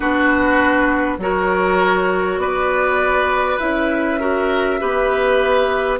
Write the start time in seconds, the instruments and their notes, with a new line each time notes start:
0.00 bassoon B3, clarinet D4, oboe F#4, flute B4
1.18 bassoon F#3, clarinet F#4, oboe A#4, flute C#5
2.37 bassoon B3, oboe B4, flute D5
3.59 bassoon C#4, clarinet E4, flute E5
4.19 clarinet F#4, oboe A#4
4.79 bassoon B3, clarinet G4, oboe B4